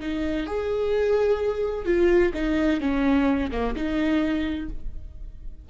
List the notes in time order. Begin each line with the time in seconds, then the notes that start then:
0.00 D#4
0.46 G#4
1.85 F4
2.34 D#4
2.80 C#4
3.51 A#3
3.76 D#4